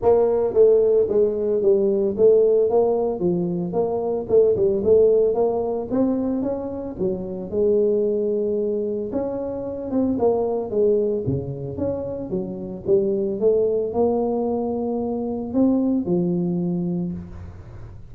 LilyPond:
\new Staff \with { instrumentName = "tuba" } { \time 4/4 \tempo 4 = 112 ais4 a4 gis4 g4 | a4 ais4 f4 ais4 | a8 g8 a4 ais4 c'4 | cis'4 fis4 gis2~ |
gis4 cis'4. c'8 ais4 | gis4 cis4 cis'4 fis4 | g4 a4 ais2~ | ais4 c'4 f2 | }